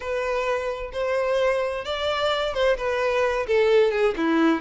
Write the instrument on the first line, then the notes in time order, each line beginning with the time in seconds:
violin
0.00 B4
0.92 C5
1.84 D5
2.53 C5
2.77 B4
3.46 A4
3.91 G#4
4.16 E4